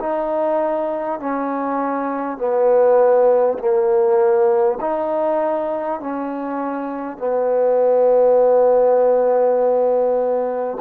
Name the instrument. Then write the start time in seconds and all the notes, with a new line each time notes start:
trombone
0.00 D#4
1.19 C#4
2.38 B3
3.58 A#3
4.81 D#4
6.00 C#4
7.18 B3